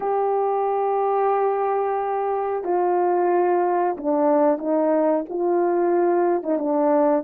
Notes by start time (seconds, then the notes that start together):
0.00 G4
2.64 F4
3.97 D4
4.58 D#4
5.29 F4
6.43 D#4
6.58 D4